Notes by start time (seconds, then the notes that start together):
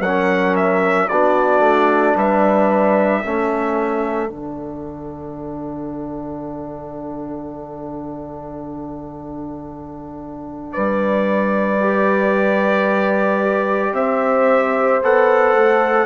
0.00 F#3 C#4 A#4 F#5
0.56 E5
1.08 B3 D4 F#4 D5
1.59 A3
2.15 G3 B4 E5
3.21 A3 C#4 A4
4.29 D3 D4 F#5
10.72 G3 B4 D5
11.80 G4
13.92 C4 C5 E5
15.02 B3 A4 F#5
15.53 A3